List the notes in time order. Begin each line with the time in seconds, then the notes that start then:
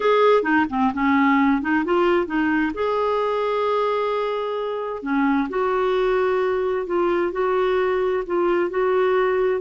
0.00 G#4
0.42 D#4
0.69 C4
0.93 C#4
1.61 D#4
1.84 F4
2.26 D#4
2.74 G#4
5.02 C#4
5.49 F#4
6.86 F4
7.32 F#4
8.26 F4
8.70 F#4